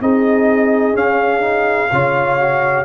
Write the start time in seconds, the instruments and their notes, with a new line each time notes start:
0.00 tuba C4, trombone D#4, horn G#4, trumpet D#5
0.93 trombone C#4, tuba C#4, trumpet F5
1.40 trombone D#4
1.92 tuba C#3, trombone F4, horn C#5
2.40 trombone F#4